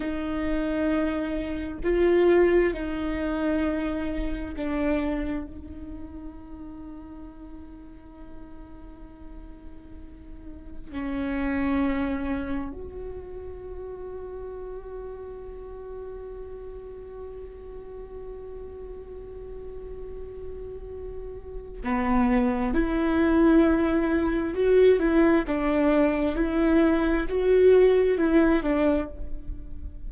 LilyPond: \new Staff \with { instrumentName = "viola" } { \time 4/4 \tempo 4 = 66 dis'2 f'4 dis'4~ | dis'4 d'4 dis'2~ | dis'1 | cis'2 fis'2~ |
fis'1~ | fis'1 | b4 e'2 fis'8 e'8 | d'4 e'4 fis'4 e'8 d'8 | }